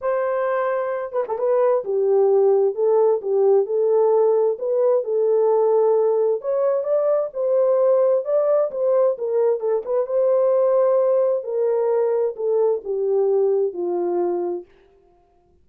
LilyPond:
\new Staff \with { instrumentName = "horn" } { \time 4/4 \tempo 4 = 131 c''2~ c''8 b'16 a'16 b'4 | g'2 a'4 g'4 | a'2 b'4 a'4~ | a'2 cis''4 d''4 |
c''2 d''4 c''4 | ais'4 a'8 b'8 c''2~ | c''4 ais'2 a'4 | g'2 f'2 | }